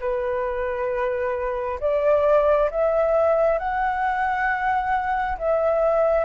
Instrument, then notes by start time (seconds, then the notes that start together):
flute
0.00 B4
1.80 D5
2.71 E5
3.58 F#5
5.38 E5